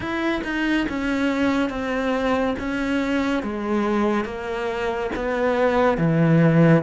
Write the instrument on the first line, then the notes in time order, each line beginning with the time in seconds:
cello
0.00 E4
0.44 D#4
0.88 C#4
1.69 C4
2.58 C#4
3.42 G#3
4.24 A#3
5.15 B3
5.97 E3